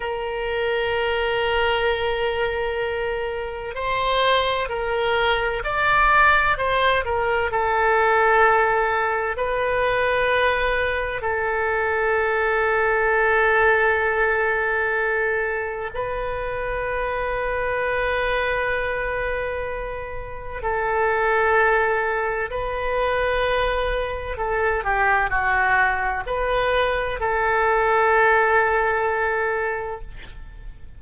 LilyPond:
\new Staff \with { instrumentName = "oboe" } { \time 4/4 \tempo 4 = 64 ais'1 | c''4 ais'4 d''4 c''8 ais'8 | a'2 b'2 | a'1~ |
a'4 b'2.~ | b'2 a'2 | b'2 a'8 g'8 fis'4 | b'4 a'2. | }